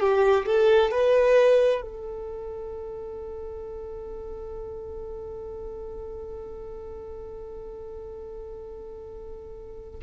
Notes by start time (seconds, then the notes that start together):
0.00 G4
0.46 A4
0.91 B4
1.81 A4